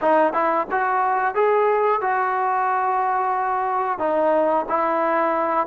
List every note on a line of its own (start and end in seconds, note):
0.01 0.33 D#4
0.33 0.66 E4
0.71 1.35 F#4
1.35 2.01 G#4
2.01 3.98 F#4
3.98 4.65 D#4
4.68 5.66 E4